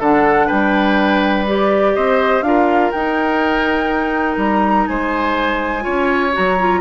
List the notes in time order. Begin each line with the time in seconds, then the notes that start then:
0.00 D3 D4 A4 F#5
0.47 G3 B4 G5
1.47 G4 D5
1.95 C4 C5 D#5
2.42 D4 F4 A#4 F5
2.92 D#4 G5
4.37 G3 A#5
4.87 G#3 C5 G#5
5.81 C#4 F4 C#5
6.33 F#3 F#4 A#5
6.60 F4